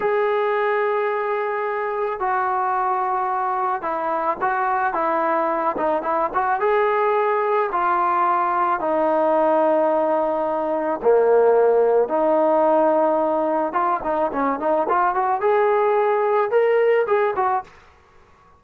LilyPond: \new Staff \with { instrumentName = "trombone" } { \time 4/4 \tempo 4 = 109 gis'1 | fis'2. e'4 | fis'4 e'4. dis'8 e'8 fis'8 | gis'2 f'2 |
dis'1 | ais2 dis'2~ | dis'4 f'8 dis'8 cis'8 dis'8 f'8 fis'8 | gis'2 ais'4 gis'8 fis'8 | }